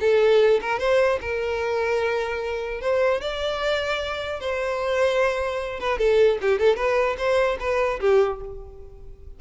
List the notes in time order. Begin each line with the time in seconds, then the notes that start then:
0.00 A4
0.61 A#4
0.79 C5
1.21 A#4
2.81 C5
3.21 D5
4.40 C5
5.80 B4
5.98 A4
6.41 G4
6.59 A4
6.76 B4
7.17 C5
7.60 B4
8.00 G4